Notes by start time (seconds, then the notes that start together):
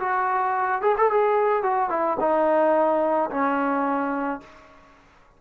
0.00 F#4
0.82 G#4
0.98 A4
1.11 G#4
1.63 F#4
1.90 E4
2.20 D#4
3.31 C#4